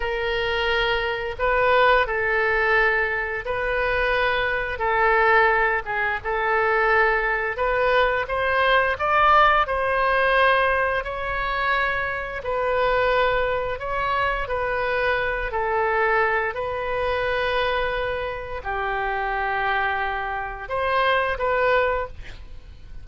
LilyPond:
\new Staff \with { instrumentName = "oboe" } { \time 4/4 \tempo 4 = 87 ais'2 b'4 a'4~ | a'4 b'2 a'4~ | a'8 gis'8 a'2 b'4 | c''4 d''4 c''2 |
cis''2 b'2 | cis''4 b'4. a'4. | b'2. g'4~ | g'2 c''4 b'4 | }